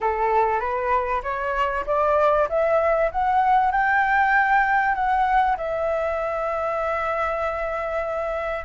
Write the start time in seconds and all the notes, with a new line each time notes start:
0.00 A4
0.60 B4
1.22 C#5
1.86 D5
2.49 E5
3.11 F#5
3.71 G5
4.94 F#5
5.57 E5